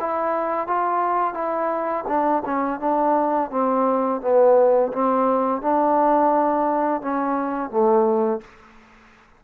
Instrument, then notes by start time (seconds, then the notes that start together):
trombone
0.00 E4
0.67 F4
1.34 E4
2.08 D4
2.45 C#4
2.80 D4
3.50 C4
4.21 B3
4.93 C4
5.61 D4
7.02 C#4
7.70 A3